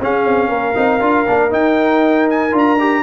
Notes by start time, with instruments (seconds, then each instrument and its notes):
0.00 tuba C#4, trombone C#4, horn G#4, trumpet F5
0.25 tuba C4
0.49 tuba A#3, horn A#4
0.74 tuba C4, trombone D#4
1.00 tuba D4, trombone F4
1.27 tuba A#3, trombone D4
1.50 trombone D#4, tuba D#4, trumpet G5
2.30 trumpet G#5
2.51 tuba D4, trombone F4
2.58 trumpet A#5
2.79 trombone G4